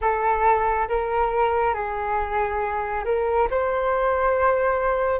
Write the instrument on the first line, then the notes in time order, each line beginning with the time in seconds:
flute
0.01 A4
0.88 A#4
1.74 G#4
3.04 A#4
3.50 C5